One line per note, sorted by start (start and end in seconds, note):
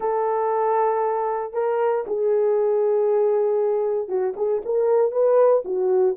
0.00 1.53 A4
1.53 2.04 A#4
2.06 4.08 G#4
4.08 4.34 F#4
4.36 4.62 G#4
4.65 5.11 A#4
5.11 5.62 B4
5.64 6.16 F#4